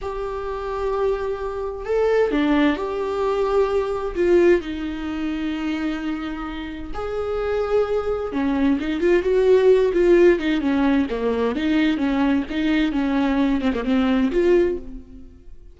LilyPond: \new Staff \with { instrumentName = "viola" } { \time 4/4 \tempo 4 = 130 g'1 | a'4 d'4 g'2~ | g'4 f'4 dis'2~ | dis'2. gis'4~ |
gis'2 cis'4 dis'8 f'8 | fis'4. f'4 dis'8 cis'4 | ais4 dis'4 cis'4 dis'4 | cis'4. c'16 ais16 c'4 f'4 | }